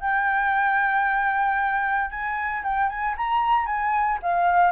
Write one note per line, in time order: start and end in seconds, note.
0.00 2.10 G5
2.10 2.63 G#5
2.63 2.89 G5
2.89 3.15 G#5
3.17 3.66 A#5
3.66 4.18 G#5
4.22 4.71 F5